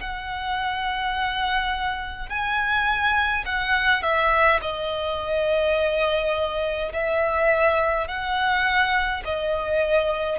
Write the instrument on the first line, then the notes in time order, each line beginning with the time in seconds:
violin
0.00 F#5
2.29 G#5
3.45 F#5
4.02 E5
4.62 D#5
6.93 E5
8.07 F#5
9.25 D#5